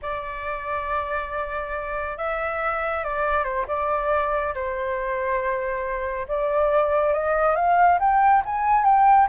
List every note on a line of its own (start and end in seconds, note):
0.02 2.17 D5
2.17 3.04 E5
3.04 3.43 D5
3.43 3.65 C5
3.67 4.54 D5
4.54 6.26 C5
6.28 7.13 D5
7.13 7.55 D#5
7.55 7.98 F5
7.99 8.42 G5
8.45 8.84 G#5
8.84 9.27 G5